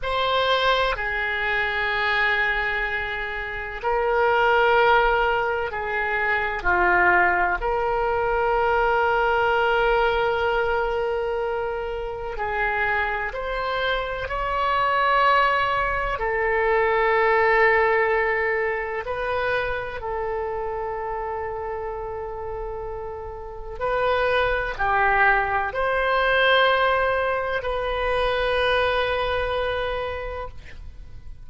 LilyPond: \new Staff \with { instrumentName = "oboe" } { \time 4/4 \tempo 4 = 63 c''4 gis'2. | ais'2 gis'4 f'4 | ais'1~ | ais'4 gis'4 c''4 cis''4~ |
cis''4 a'2. | b'4 a'2.~ | a'4 b'4 g'4 c''4~ | c''4 b'2. | }